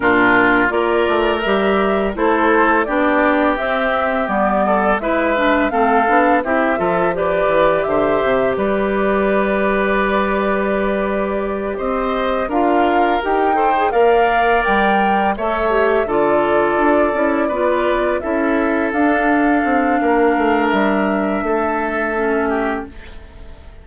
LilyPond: <<
  \new Staff \with { instrumentName = "flute" } { \time 4/4 \tempo 4 = 84 ais'4 d''4 e''4 c''4 | d''4 e''4 d''4 e''4 | f''4 e''4 d''4 e''4 | d''1~ |
d''8 dis''4 f''4 g''4 f''8~ | f''8 g''4 e''4 d''4.~ | d''4. e''4 f''4.~ | f''4 e''2. | }
  \new Staff \with { instrumentName = "oboe" } { \time 4/4 f'4 ais'2 a'4 | g'2~ g'8 a'8 b'4 | a'4 g'8 a'8 b'4 c''4 | b'1~ |
b'8 c''4 ais'4. c''8 d''8~ | d''4. cis''4 a'4.~ | a'8 b'4 a'2~ a'8 | ais'2 a'4. g'8 | }
  \new Staff \with { instrumentName = "clarinet" } { \time 4/4 d'4 f'4 g'4 e'4 | d'4 c'4 b4 e'8 d'8 | c'8 d'8 e'8 f'8 g'2~ | g'1~ |
g'4. f'4 g'8 a'16 gis'16 ais'8~ | ais'4. a'8 g'8 f'4. | e'8 f'4 e'4 d'4.~ | d'2. cis'4 | }
  \new Staff \with { instrumentName = "bassoon" } { \time 4/4 ais,4 ais8 a8 g4 a4 | b4 c'4 g4 gis4 | a8 b8 c'8 f4 e8 d8 c8 | g1~ |
g8 c'4 d'4 dis'4 ais8~ | ais8 g4 a4 d4 d'8 | cis'8 b4 cis'4 d'4 c'8 | ais8 a8 g4 a2 | }
>>